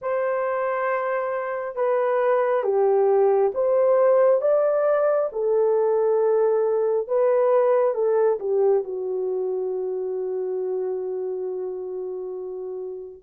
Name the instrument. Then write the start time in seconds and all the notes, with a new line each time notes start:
horn
0.01 C5
1.75 B4
2.63 G4
3.54 C5
4.41 D5
5.32 A4
7.07 B4
7.94 A4
8.39 G4
8.84 F#4